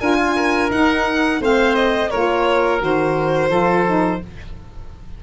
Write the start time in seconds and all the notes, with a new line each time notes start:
0.00 D4 F4 A#4 G#5
0.17 F4
0.36 A#4
0.70 D#4 F#5
1.41 A3 C4 C5 F5
1.75 D#5
2.11 A#3 F4 A#4 C#5
2.79 D#3 F#4 C5
3.49 F3 F4 A4
3.86 D#4